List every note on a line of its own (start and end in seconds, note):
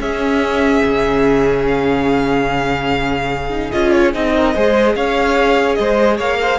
0.00 0.82 C#4
0.00 3.50 C#4
0.00 4.33 G#4
0.00 1.66 E5
0.84 3.72 C#3
1.68 3.72 F5
3.50 3.70 D#4
3.72 4.15 C#4
3.72 4.14 F4
3.72 3.92 D#5
3.92 4.12 C#5
4.14 4.56 C4
4.14 4.55 D#4
4.14 4.96 D#5
4.35 4.55 A#4
4.55 4.96 G#3
4.55 6.59 G#4
4.55 4.96 C5
4.96 5.78 C#4
4.96 5.79 C#5
4.96 5.75 F5
5.75 6.20 G#3
5.75 6.18 C5
5.75 6.16 D#5
6.18 6.59 A#3
6.18 6.38 C#5
6.18 6.59 F5
6.42 6.59 C5